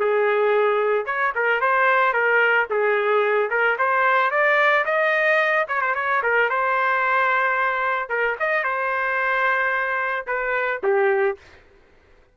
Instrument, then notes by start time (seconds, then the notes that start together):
trumpet
0.00 G#4
1.06 C#5
1.36 A#4
1.61 C5
2.14 A#4
2.71 G#4
3.50 A#4
3.79 C5
4.31 D5
4.86 D#5
5.69 C#5
5.82 C5
5.96 C#5
6.23 A#4
6.50 C5
8.10 A#4
8.40 D#5
8.64 C5
10.27 B4
10.84 G4